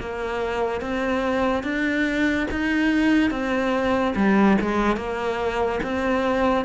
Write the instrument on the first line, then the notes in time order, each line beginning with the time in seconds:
cello
0.00 A#3
0.81 C4
1.64 D4
2.51 D#4
3.31 C4
4.16 G3
4.62 G#3
4.97 A#3
5.83 C4